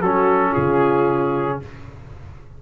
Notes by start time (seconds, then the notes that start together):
0.00 F#3 C#4 F#4 A4
0.51 C#3 F4 G#4